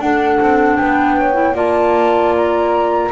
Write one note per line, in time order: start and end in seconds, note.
0.00 0.39 D4
0.00 1.34 D4
0.00 0.79 A4
0.00 0.77 F#5
0.40 0.79 C4
0.77 1.55 B3
0.77 1.18 B4
0.77 1.55 G5
1.18 1.56 C#5
1.34 1.53 E4
1.55 3.10 A#3
1.55 3.10 F4
1.55 3.11 D5
1.55 2.35 A5
2.36 3.12 A#5